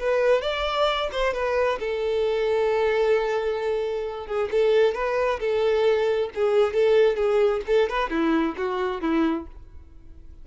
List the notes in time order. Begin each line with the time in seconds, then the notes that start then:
0.00 B4
0.42 D5
1.13 C5
1.34 B4
1.80 A4
4.27 G#4
4.52 A4
4.95 B4
5.41 A4
6.35 G#4
6.74 A4
7.17 G#4
7.67 A4
7.90 B4
8.11 E4
8.58 F#4
9.02 E4